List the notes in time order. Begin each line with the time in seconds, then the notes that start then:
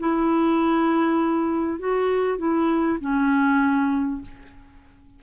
0.00 E4
1.80 F#4
2.39 E4
3.01 C#4